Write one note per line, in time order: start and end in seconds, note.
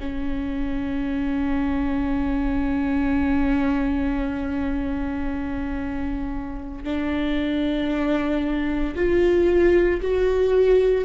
0.00 6.84 C#4
6.84 8.94 D4
8.95 10.00 F4
10.01 11.05 F#4